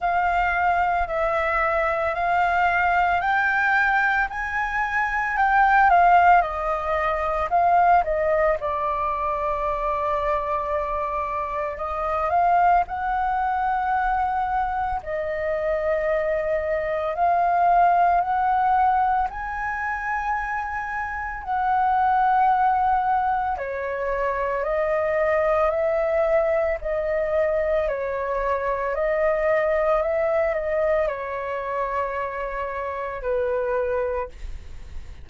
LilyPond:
\new Staff \with { instrumentName = "flute" } { \time 4/4 \tempo 4 = 56 f''4 e''4 f''4 g''4 | gis''4 g''8 f''8 dis''4 f''8 dis''8 | d''2. dis''8 f''8 | fis''2 dis''2 |
f''4 fis''4 gis''2 | fis''2 cis''4 dis''4 | e''4 dis''4 cis''4 dis''4 | e''8 dis''8 cis''2 b'4 | }